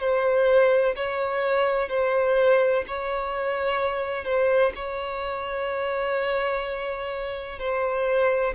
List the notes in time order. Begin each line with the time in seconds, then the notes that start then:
0.00 C5
0.96 C#5
1.90 C5
2.88 C#5
4.25 C5
4.76 C#5
7.59 C5